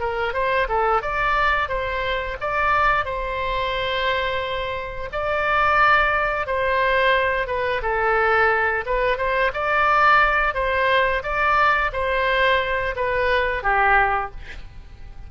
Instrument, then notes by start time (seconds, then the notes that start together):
oboe
0.00 A#4
0.34 C5
0.69 A4
1.02 D5
1.69 C5
2.41 D5
3.05 C5
5.13 D5
6.47 C5
7.48 B4
7.83 A4
8.86 B4
9.18 C5
9.54 D5
10.55 C5
11.23 D5
11.93 C5
12.96 B4
13.63 G4